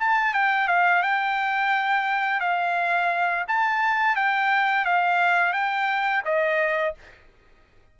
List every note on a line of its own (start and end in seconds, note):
0.00 0.34 A5
0.34 0.68 G5
0.68 1.03 F5
1.03 2.40 G5
2.40 3.45 F5
3.48 4.16 A5
4.16 4.85 G5
4.85 5.53 F5
5.53 6.23 G5
6.25 6.95 D#5